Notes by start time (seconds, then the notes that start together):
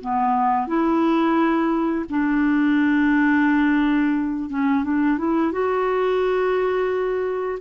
0.00 B3
0.67 E4
2.09 D4
4.49 C#4
4.84 D4
5.18 E4
5.51 F#4